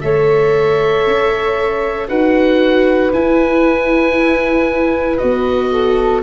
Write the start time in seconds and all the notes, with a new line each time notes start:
0.00 A3 A4 C#5 E5
1.06 C#4
2.08 D#4 F#4 B4 F#5
3.13 E4 G#5
5.17 B3 F#4 D#5
5.71 A4